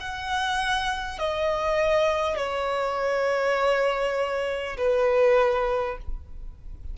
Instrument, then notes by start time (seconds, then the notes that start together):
violin
0.00 F#5
1.18 D#5
2.36 C#5
4.77 B4